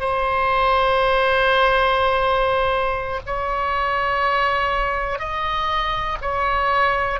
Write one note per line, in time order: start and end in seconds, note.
0.00 3.20 C5
3.26 5.19 C#5
5.19 6.17 D#5
6.21 7.19 C#5